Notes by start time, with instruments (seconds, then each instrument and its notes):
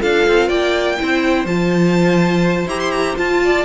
0.00 cello D4, viola F4, violin A4 F5
0.27 cello C4
0.48 cello A#3, violin D5 G5
0.98 cello C4, viola E4, violin C5
1.45 cello F3, viola F4, violin A5
2.66 cello E4, viola G4, violin A#5
2.79 violin C6
2.91 violin A#5
3.16 viola F4, cello F4, violin A5
3.44 violin D5